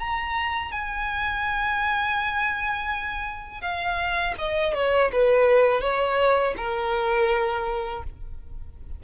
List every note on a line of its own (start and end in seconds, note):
0.00 0.72 A#5
0.72 3.62 G#5
3.62 4.35 F5
4.39 4.75 D#5
4.75 5.11 C#5
5.13 5.81 B4
5.81 6.55 C#5
6.58 8.04 A#4